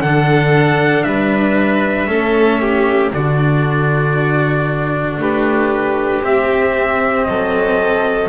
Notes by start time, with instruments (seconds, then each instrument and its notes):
0.00 double bass D3, cello D4, violin A4, trumpet F#5
1.03 double bass G3, violin B4, trumpet E5
2.07 double bass A3, cello C#4, violin A4
2.61 violin G4
3.12 double bass D3, cello D4, violin F#4, trumpet D5
5.17 double bass A3, violin G4, trumpet B4
6.22 cello C4, double bass C4, trumpet E5
7.24 double bass F#3, violin A4, trumpet D#5